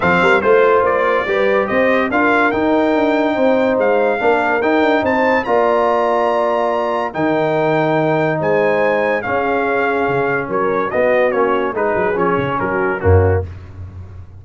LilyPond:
<<
  \new Staff \with { instrumentName = "trumpet" } { \time 4/4 \tempo 4 = 143 f''4 c''4 d''2 | dis''4 f''4 g''2~ | g''4 f''2 g''4 | a''4 ais''2.~ |
ais''4 g''2. | gis''2 f''2~ | f''4 cis''4 dis''4 cis''4 | b'4 cis''4 ais'4 fis'4 | }
  \new Staff \with { instrumentName = "horn" } { \time 4/4 a'8 ais'8 c''2 b'4 | c''4 ais'2. | c''2 ais'2 | c''4 d''2.~ |
d''4 ais'2. | c''2 gis'2~ | gis'4 ais'4 fis'2 | gis'2 fis'4 cis'4 | }
  \new Staff \with { instrumentName = "trombone" } { \time 4/4 c'4 f'2 g'4~ | g'4 f'4 dis'2~ | dis'2 d'4 dis'4~ | dis'4 f'2.~ |
f'4 dis'2.~ | dis'2 cis'2~ | cis'2 b4 cis'4 | dis'4 cis'2 ais4 | }
  \new Staff \with { instrumentName = "tuba" } { \time 4/4 f8 g8 a4 ais4 g4 | c'4 d'4 dis'4 d'4 | c'4 gis4 ais4 dis'8 d'8 | c'4 ais2.~ |
ais4 dis2. | gis2 cis'2 | cis4 fis4 b4 ais4 | gis8 fis8 f8 cis8 fis4 fis,4 | }
>>